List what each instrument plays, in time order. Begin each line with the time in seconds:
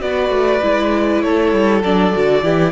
0.00 cello B3, viola F#4, violin B4 D5
0.30 cello A3
0.62 cello G#3, viola E4
1.22 cello A3, violin A4 C#5
1.53 cello G3
1.83 cello F#3, viola D4, violin D5
2.13 cello D3, viola F#4
2.43 cello E3, viola E4, violin G4